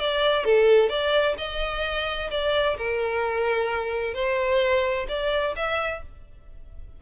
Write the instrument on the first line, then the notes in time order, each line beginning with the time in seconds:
violin
0.00 D5
0.45 A4
0.90 D5
1.38 D#5
2.31 D5
2.78 A#4
4.14 C5
5.09 D5
5.56 E5